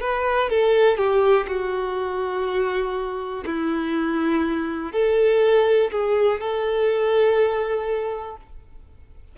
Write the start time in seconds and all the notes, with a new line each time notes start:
0.00 B4
0.49 A4
0.97 G4
1.47 F#4
3.45 E4
4.92 A4
5.92 G#4
6.40 A4